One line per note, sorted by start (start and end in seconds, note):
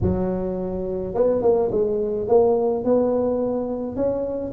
0.01 1.14 F#3
1.14 1.42 B3
1.42 1.70 A#3
1.71 2.28 G#3
2.28 2.84 A#3
2.84 3.95 B3
3.95 4.52 C#4